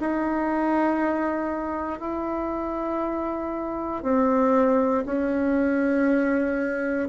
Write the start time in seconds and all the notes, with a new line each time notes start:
0.00 D#4
2.00 E4
4.03 C4
5.06 C#4